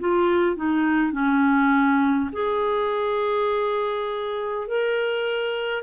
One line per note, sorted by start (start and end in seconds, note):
0.00 0.56 F4
0.56 1.13 D#4
1.13 2.30 C#4
2.33 4.67 G#4
4.67 5.83 A#4